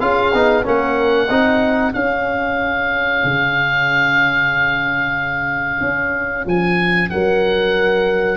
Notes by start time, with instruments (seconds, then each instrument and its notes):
0.00 tuba C#4, trombone F4, horn G#4, oboe F5
0.33 tuba B3, trombone D#4
0.64 tuba A#3, trombone C#4, horn A#4, oboe F#5
1.30 tuba C4, trombone D#4, horn G#4
1.93 trombone C#4, tuba C#4, oboe F5
3.24 tuba C#3
5.81 tuba C#4
6.46 tuba F3, oboe G#5
7.10 tuba F#3, horn A#4, oboe F#5